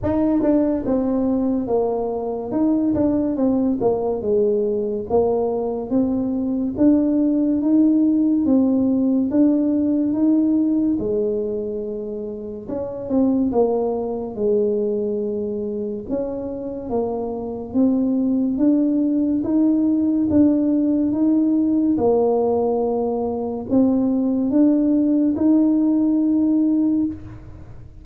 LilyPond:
\new Staff \with { instrumentName = "tuba" } { \time 4/4 \tempo 4 = 71 dis'8 d'8 c'4 ais4 dis'8 d'8 | c'8 ais8 gis4 ais4 c'4 | d'4 dis'4 c'4 d'4 | dis'4 gis2 cis'8 c'8 |
ais4 gis2 cis'4 | ais4 c'4 d'4 dis'4 | d'4 dis'4 ais2 | c'4 d'4 dis'2 | }